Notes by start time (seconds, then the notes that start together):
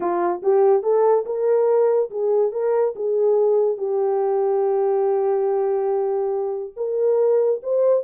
0.00 F4
0.42 G4
0.82 A4
1.25 A#4
2.10 G#4
2.52 A#4
2.95 G#4
3.77 G4
6.76 A#4
7.62 C5